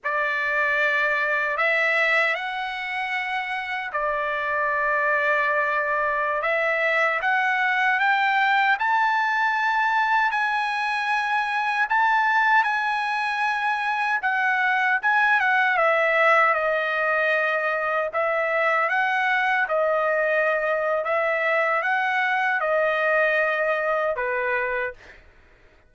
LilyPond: \new Staff \with { instrumentName = "trumpet" } { \time 4/4 \tempo 4 = 77 d''2 e''4 fis''4~ | fis''4 d''2.~ | d''16 e''4 fis''4 g''4 a''8.~ | a''4~ a''16 gis''2 a''8.~ |
a''16 gis''2 fis''4 gis''8 fis''16~ | fis''16 e''4 dis''2 e''8.~ | e''16 fis''4 dis''4.~ dis''16 e''4 | fis''4 dis''2 b'4 | }